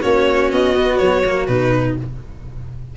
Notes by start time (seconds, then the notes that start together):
0.00 A#3 C#4 F#4 C#5
0.51 B3 D#5
0.74 B3
0.97 F#3 C#5
1.25 A#3
1.47 B2 D#4 B4